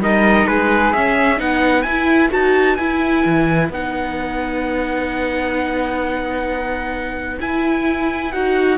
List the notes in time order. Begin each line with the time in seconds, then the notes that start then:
0.00 G3 D#4 A#4 D#5
0.47 G#3 G#4 B4
0.93 C#4 E5
1.37 B3 D#4 B4 F#5
1.82 E4 G#5
2.29 D#4 F#4 A5
2.76 E4 G#5
3.25 E3
3.70 B3 D#4 F#5
7.40 E4 G#5
8.32 D#4 F#4 F#5